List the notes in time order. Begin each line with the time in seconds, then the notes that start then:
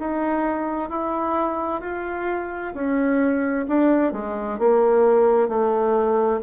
0.00 D#4
0.90 E4
1.81 F4
2.74 C#4
3.68 D4
4.13 G#3
4.59 A#3
5.49 A3